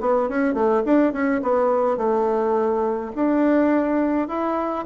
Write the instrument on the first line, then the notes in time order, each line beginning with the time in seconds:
bassoon
0.00 B3
0.28 C#4
0.54 A3
0.85 D4
1.12 C#4
1.42 B3
1.97 A3
3.15 D4
4.28 E4